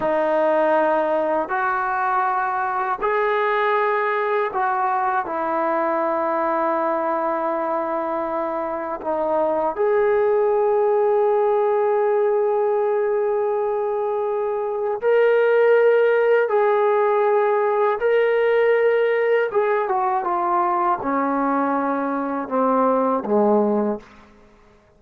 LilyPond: \new Staff \with { instrumentName = "trombone" } { \time 4/4 \tempo 4 = 80 dis'2 fis'2 | gis'2 fis'4 e'4~ | e'1 | dis'4 gis'2.~ |
gis'1 | ais'2 gis'2 | ais'2 gis'8 fis'8 f'4 | cis'2 c'4 gis4 | }